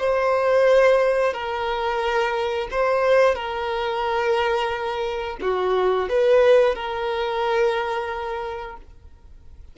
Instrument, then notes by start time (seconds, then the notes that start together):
violin
0.00 C5
1.34 A#4
2.71 C5
3.35 A#4
5.42 F#4
6.09 B4
6.75 A#4